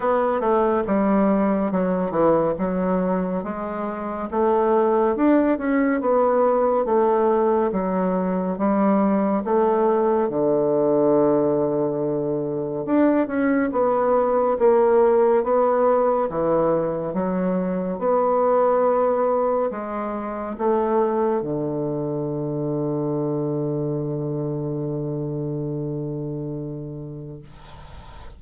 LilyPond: \new Staff \with { instrumentName = "bassoon" } { \time 4/4 \tempo 4 = 70 b8 a8 g4 fis8 e8 fis4 | gis4 a4 d'8 cis'8 b4 | a4 fis4 g4 a4 | d2. d'8 cis'8 |
b4 ais4 b4 e4 | fis4 b2 gis4 | a4 d2.~ | d1 | }